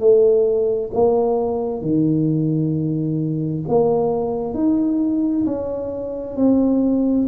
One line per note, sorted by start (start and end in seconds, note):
0.00 0.91 A3
0.94 1.82 A#3
1.82 3.64 D#3
3.69 4.55 A#3
4.55 5.45 D#4
5.46 6.37 C#4
6.37 7.28 C4